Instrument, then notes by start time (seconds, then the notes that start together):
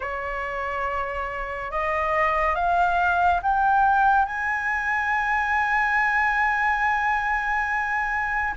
flute
0.00 C#5
1.71 D#5
2.55 F5
3.42 G5
4.25 G#5